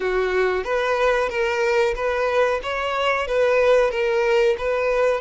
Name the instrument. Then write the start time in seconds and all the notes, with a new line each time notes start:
violin
0.00 F#4
0.63 B4
1.29 A#4
1.95 B4
2.63 C#5
3.27 B4
3.90 A#4
4.57 B4